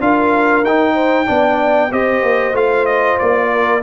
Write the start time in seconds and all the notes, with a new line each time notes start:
0.00 D4 F4 A#4 F5
0.64 D#4 G5
0.94 C5
1.26 B3 D4 D5
1.92 C4 G4 C5 D#5
2.23 A#3
2.54 A3 F4 F5
2.86 D#5
3.19 A#3 D5
3.52 A#4